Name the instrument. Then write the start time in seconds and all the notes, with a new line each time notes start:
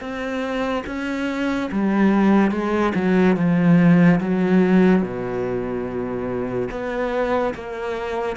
cello
0.00 C4
0.86 C#4
1.71 G3
2.51 G#3
2.94 F#3
3.36 F3
4.20 F#3
5.02 B2
6.70 B3
7.54 A#3